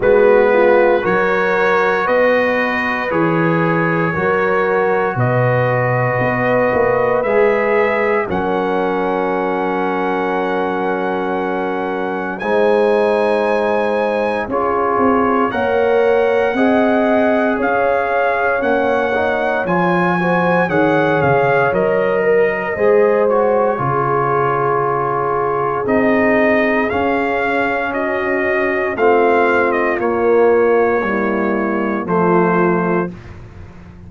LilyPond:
<<
  \new Staff \with { instrumentName = "trumpet" } { \time 4/4 \tempo 4 = 58 b'4 cis''4 dis''4 cis''4~ | cis''4 dis''2 e''4 | fis''1 | gis''2 cis''4 fis''4~ |
fis''4 f''4 fis''4 gis''4 | fis''8 f''8 dis''4. cis''4.~ | cis''4 dis''4 f''4 dis''4 | f''8. dis''16 cis''2 c''4 | }
  \new Staff \with { instrumentName = "horn" } { \time 4/4 fis'8 f'8 ais'4 b'2 | ais'4 b'2. | ais'1 | c''2 gis'4 cis''4 |
dis''4 cis''2~ cis''8 c''8 | cis''4. ais'8 c''4 gis'4~ | gis'2. fis'4 | f'2 e'4 f'4 | }
  \new Staff \with { instrumentName = "trombone" } { \time 4/4 b4 fis'2 gis'4 | fis'2. gis'4 | cis'1 | dis'2 f'4 ais'4 |
gis'2 cis'8 dis'8 f'8 fis'8 | gis'4 ais'4 gis'8 fis'8 f'4~ | f'4 dis'4 cis'2 | c'4 ais4 g4 a4 | }
  \new Staff \with { instrumentName = "tuba" } { \time 4/4 gis4 fis4 b4 e4 | fis4 b,4 b8 ais8 gis4 | fis1 | gis2 cis'8 c'8 ais4 |
c'4 cis'4 ais4 f4 | dis8 cis8 fis4 gis4 cis4~ | cis4 c'4 cis'2 | a4 ais2 f4 | }
>>